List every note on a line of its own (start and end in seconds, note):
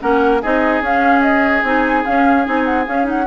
0.00 0.43 A#3
0.00 0.41 C#4
0.00 0.42 A#4
0.00 0.42 F#5
0.42 0.81 C4
0.42 0.84 D#4
0.42 3.27 G#4
0.42 0.83 D#5
0.81 1.63 C#4
0.81 1.65 C#4
0.81 1.22 F5
1.22 1.63 D#5
1.63 2.04 C4
1.63 2.04 D#4
1.63 2.06 G#5
2.04 2.45 C#4
2.04 2.47 C#4
2.04 2.46 F5
2.45 2.87 C4
2.45 2.86 D#4
2.45 2.65 G#5
2.65 2.86 F#5
2.86 3.04 C#4
2.86 3.27 C#4
2.86 3.08 F5
3.04 3.24 D#4
3.04 3.27 F#5